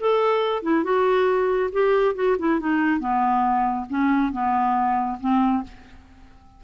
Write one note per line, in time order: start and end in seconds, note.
0.00 0.62 A4
0.62 0.84 E4
0.84 1.70 F#4
1.72 2.15 G4
2.15 2.36 F#4
2.38 2.60 E4
2.60 2.99 D#4
2.99 3.86 B3
3.89 4.32 C#4
4.32 5.18 B3
5.20 5.63 C4